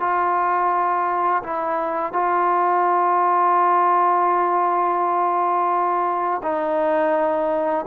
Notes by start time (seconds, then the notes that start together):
0.00 F4
1.44 E4
2.13 F4
6.43 D#4